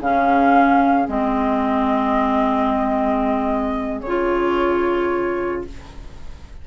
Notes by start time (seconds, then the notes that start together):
0.00 C#3 C#4 G#4 F5
1.08 G#3 C4 D#5
4.01 C#3 F4 C#5